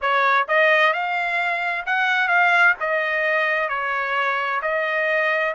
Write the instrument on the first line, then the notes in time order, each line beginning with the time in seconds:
trumpet
0.01 C#5
0.47 D#5
0.93 F5
1.86 F#5
2.28 F5
2.79 D#5
3.68 C#5
4.62 D#5